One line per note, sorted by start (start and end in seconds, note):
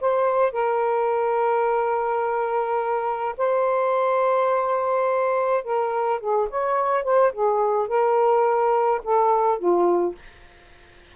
0.00 0.52 C5
0.52 3.35 A#4
3.37 5.63 C5
5.63 6.20 A#4
6.20 6.48 G#4
6.49 7.03 C#5
7.03 7.32 C5
7.32 7.87 G#4
7.87 9.01 A#4
9.03 9.58 A4
9.58 10.15 F4